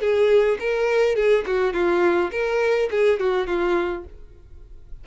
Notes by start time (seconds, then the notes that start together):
0.00 G#4
0.59 A#4
1.15 G#4
1.46 F#4
1.73 F4
2.31 A#4
2.91 G#4
3.19 F#4
3.47 F4